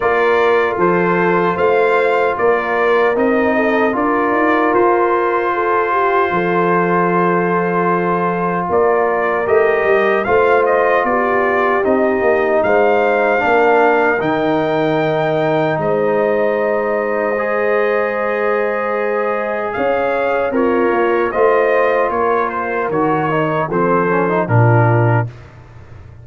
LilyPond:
<<
  \new Staff \with { instrumentName = "trumpet" } { \time 4/4 \tempo 4 = 76 d''4 c''4 f''4 d''4 | dis''4 d''4 c''2~ | c''2. d''4 | dis''4 f''8 dis''8 d''4 dis''4 |
f''2 g''2 | dis''1~ | dis''4 f''4 cis''4 dis''4 | cis''8 c''8 cis''4 c''4 ais'4 | }
  \new Staff \with { instrumentName = "horn" } { \time 4/4 ais'4 a'4 c''4 ais'4~ | ais'8 a'8 ais'2 a'8 g'8 | a'2. ais'4~ | ais'4 c''4 g'2 |
c''4 ais'2. | c''1~ | c''4 cis''4 f'4 c''4 | ais'2 a'4 f'4 | }
  \new Staff \with { instrumentName = "trombone" } { \time 4/4 f'1 | dis'4 f'2.~ | f'1 | g'4 f'2 dis'4~ |
dis'4 d'4 dis'2~ | dis'2 gis'2~ | gis'2 ais'4 f'4~ | f'4 fis'8 dis'8 c'8 cis'16 dis'16 d'4 | }
  \new Staff \with { instrumentName = "tuba" } { \time 4/4 ais4 f4 a4 ais4 | c'4 d'8 dis'8 f'2 | f2. ais4 | a8 g8 a4 b4 c'8 ais8 |
gis4 ais4 dis2 | gis1~ | gis4 cis'4 c'8 ais8 a4 | ais4 dis4 f4 ais,4 | }
>>